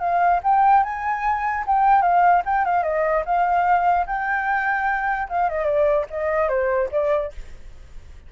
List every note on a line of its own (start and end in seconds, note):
0.00 0.41 F5
0.44 0.84 G5
0.84 1.65 G#5
1.67 2.02 G5
2.02 2.43 F5
2.46 2.65 G5
2.65 2.84 F5
2.84 3.24 D#5
3.26 4.07 F5
4.07 5.29 G5
5.29 5.50 F5
5.50 5.65 D#5
5.65 6.06 D5
6.11 6.49 D#5
6.49 6.90 C5
6.92 7.32 D5